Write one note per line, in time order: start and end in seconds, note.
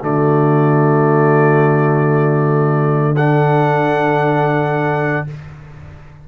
0.00 5.28 D3
0.00 3.16 A3
0.00 3.14 F#4
0.00 3.16 D5
3.14 5.27 D4
3.14 5.25 A4
3.14 5.27 F#5